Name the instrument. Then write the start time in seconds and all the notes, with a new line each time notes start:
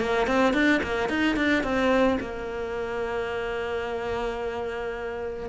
cello
0.00 A#3
0.27 C4
0.53 D4
0.83 A#3
1.09 D#4
1.36 D4
1.63 C4
2.20 A#3